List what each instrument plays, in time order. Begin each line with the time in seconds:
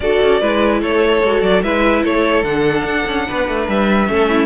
0.00 cello D4, viola F#4, violin A4 D5
0.21 cello C#4
0.41 cello G#3, viola E4, violin B4
0.82 cello A3, violin A4 C#5
1.23 cello G#3, viola F#4
1.42 cello F#3, violin D5
1.62 cello G#3, viola E4, violin B4 E5
2.03 cello A3, violin A4 C#5
2.43 cello D3, viola D4, violin F#5
2.84 cello D4
3.06 cello C#4
3.28 cello B3, violin B4
3.48 cello A3
3.68 cello G3, violin E5
4.07 cello A3, viola C#4, violin A4
4.28 violin E4